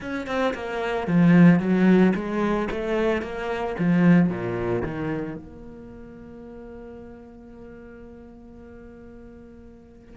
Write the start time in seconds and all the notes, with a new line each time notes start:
0.00 C#4
0.27 C4
0.54 A#3
1.07 F3
1.59 F#3
2.14 G#3
2.71 A3
3.22 A#3
3.78 F3
4.29 A#2
4.82 D#3
5.35 A#3